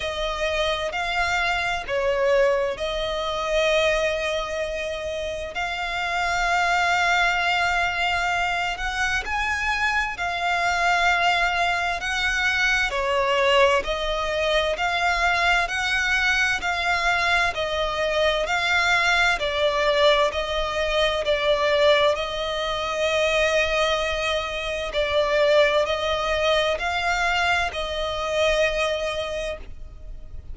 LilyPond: \new Staff \with { instrumentName = "violin" } { \time 4/4 \tempo 4 = 65 dis''4 f''4 cis''4 dis''4~ | dis''2 f''2~ | f''4. fis''8 gis''4 f''4~ | f''4 fis''4 cis''4 dis''4 |
f''4 fis''4 f''4 dis''4 | f''4 d''4 dis''4 d''4 | dis''2. d''4 | dis''4 f''4 dis''2 | }